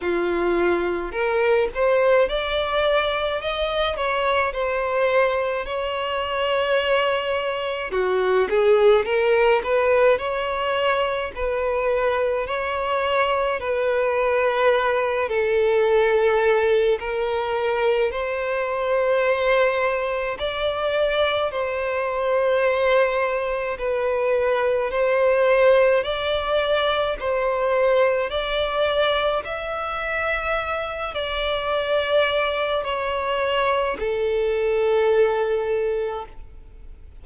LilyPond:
\new Staff \with { instrumentName = "violin" } { \time 4/4 \tempo 4 = 53 f'4 ais'8 c''8 d''4 dis''8 cis''8 | c''4 cis''2 fis'8 gis'8 | ais'8 b'8 cis''4 b'4 cis''4 | b'4. a'4. ais'4 |
c''2 d''4 c''4~ | c''4 b'4 c''4 d''4 | c''4 d''4 e''4. d''8~ | d''4 cis''4 a'2 | }